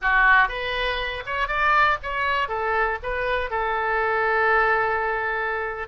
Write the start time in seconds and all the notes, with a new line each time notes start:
0.01 F#4
0.48 B4
1.25 C#5
1.47 D5
2.02 C#5
2.48 A4
3.02 B4
3.50 A4